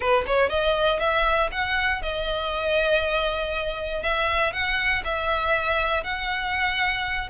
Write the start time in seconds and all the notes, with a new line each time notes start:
0.00 B4
0.27 C#5
0.49 D#5
0.99 E5
1.51 F#5
2.02 D#5
4.02 E5
4.52 F#5
5.04 E5
6.03 F#5